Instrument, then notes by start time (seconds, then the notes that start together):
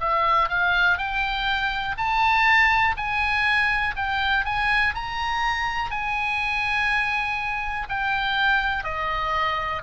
oboe
0.00 E5
0.49 F5
0.97 G5
1.97 A5
2.97 G#5
3.96 G5
4.45 G#5
4.94 A#5
5.91 G#5
7.89 G5
8.83 D#5